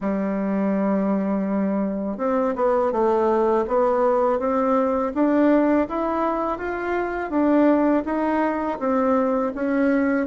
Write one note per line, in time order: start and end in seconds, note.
0.00 2.18 G3
2.18 2.54 C4
2.55 2.92 B3
2.92 3.65 A3
3.67 4.39 B3
4.39 5.12 C4
5.14 5.87 D4
5.88 6.58 E4
6.58 7.30 F4
7.30 8.03 D4
8.05 8.78 D#4
8.79 9.52 C4
9.55 10.26 C#4